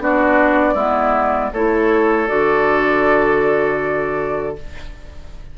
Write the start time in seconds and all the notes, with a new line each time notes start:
0.00 B3 D4 F#4 D5
0.74 G#3 B3 E4
1.53 A3 E4 A4 C#5
2.28 D3 F#4 D5